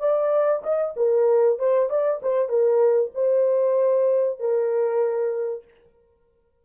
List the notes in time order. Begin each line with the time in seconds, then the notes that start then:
0.00 D5
0.64 D#5
0.97 A#4
1.59 C5
1.90 D5
2.23 C5
2.49 A#4
3.15 C5
4.40 A#4